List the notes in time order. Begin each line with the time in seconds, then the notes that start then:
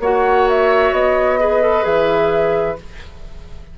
0.00 A#3 F#4 C#5 F#5
0.50 E5
0.92 B3 D#5
1.40 G#4 B4
1.62 A4
1.83 E3 G#4 E5